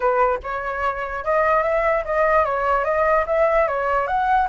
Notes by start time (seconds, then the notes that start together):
0.00 B4
0.43 C#5
1.24 D#5
1.63 E5
2.04 D#5
2.44 C#5
2.84 D#5
3.26 E5
3.67 C#5
4.07 F#5